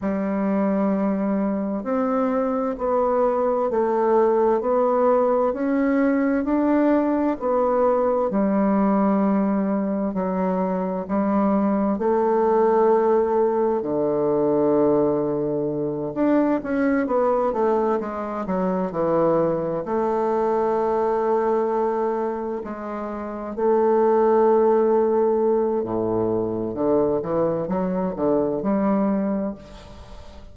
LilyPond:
\new Staff \with { instrumentName = "bassoon" } { \time 4/4 \tempo 4 = 65 g2 c'4 b4 | a4 b4 cis'4 d'4 | b4 g2 fis4 | g4 a2 d4~ |
d4. d'8 cis'8 b8 a8 gis8 | fis8 e4 a2~ a8~ | a8 gis4 a2~ a8 | a,4 d8 e8 fis8 d8 g4 | }